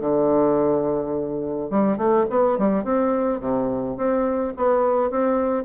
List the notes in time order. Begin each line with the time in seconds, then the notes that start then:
0.00 D3
1.70 G3
1.97 A3
2.30 B3
2.58 G3
2.84 C4
3.40 C3
3.97 C4
4.56 B3
5.10 C4